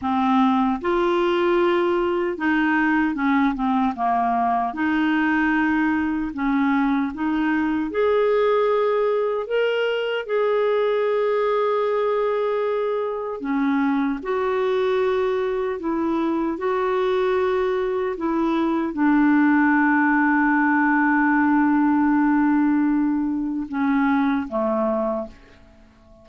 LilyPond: \new Staff \with { instrumentName = "clarinet" } { \time 4/4 \tempo 4 = 76 c'4 f'2 dis'4 | cis'8 c'8 ais4 dis'2 | cis'4 dis'4 gis'2 | ais'4 gis'2.~ |
gis'4 cis'4 fis'2 | e'4 fis'2 e'4 | d'1~ | d'2 cis'4 a4 | }